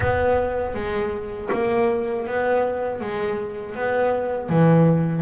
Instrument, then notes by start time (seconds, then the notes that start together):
double bass
0.00 B3
0.74 G#3
1.52 A#3
2.26 B3
3.00 G#3
3.75 B3
4.49 E3